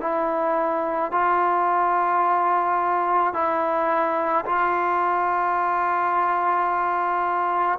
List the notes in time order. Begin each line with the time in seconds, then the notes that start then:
0.00 E4
1.12 F4
3.33 E4
4.45 F4